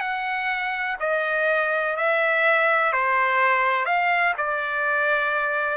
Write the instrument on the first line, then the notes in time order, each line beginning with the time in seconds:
trumpet
0.00 F#5
0.99 D#5
1.96 E5
2.92 C5
3.85 F5
4.37 D5